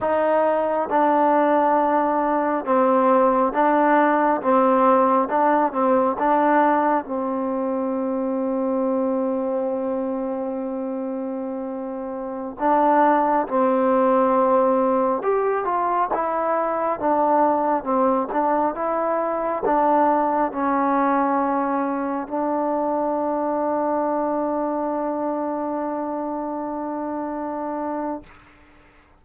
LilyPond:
\new Staff \with { instrumentName = "trombone" } { \time 4/4 \tempo 4 = 68 dis'4 d'2 c'4 | d'4 c'4 d'8 c'8 d'4 | c'1~ | c'2~ c'16 d'4 c'8.~ |
c'4~ c'16 g'8 f'8 e'4 d'8.~ | d'16 c'8 d'8 e'4 d'4 cis'8.~ | cis'4~ cis'16 d'2~ d'8.~ | d'1 | }